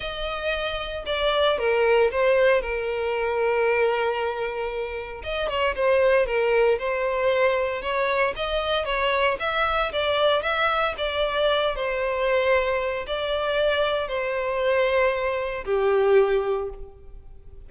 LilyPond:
\new Staff \with { instrumentName = "violin" } { \time 4/4 \tempo 4 = 115 dis''2 d''4 ais'4 | c''4 ais'2.~ | ais'2 dis''8 cis''8 c''4 | ais'4 c''2 cis''4 |
dis''4 cis''4 e''4 d''4 | e''4 d''4. c''4.~ | c''4 d''2 c''4~ | c''2 g'2 | }